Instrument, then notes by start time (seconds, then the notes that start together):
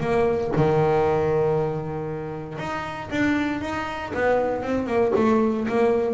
double bass
0.00 A#3
0.56 D#3
2.58 D#4
3.10 D4
3.61 D#4
4.14 B3
4.62 C4
4.86 A#3
5.15 A3
5.68 A#3